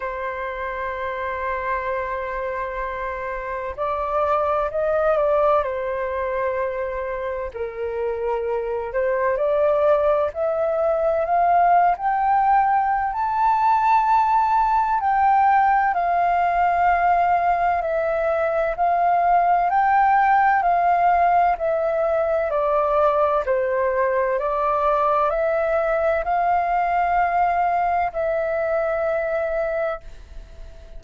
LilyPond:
\new Staff \with { instrumentName = "flute" } { \time 4/4 \tempo 4 = 64 c''1 | d''4 dis''8 d''8 c''2 | ais'4. c''8 d''4 e''4 | f''8. g''4~ g''16 a''2 |
g''4 f''2 e''4 | f''4 g''4 f''4 e''4 | d''4 c''4 d''4 e''4 | f''2 e''2 | }